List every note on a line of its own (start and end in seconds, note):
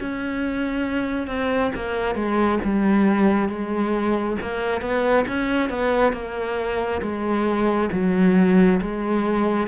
0.00 1.27 C#4
1.27 1.71 C4
1.75 2.15 A#3
2.15 2.59 G#3
2.64 3.48 G3
3.48 4.36 G#3
4.41 4.81 A#3
4.81 5.25 B3
5.27 5.69 C#4
5.69 6.12 B3
6.12 7.01 A#3
7.01 7.89 G#3
7.92 8.80 F#3
8.81 9.67 G#3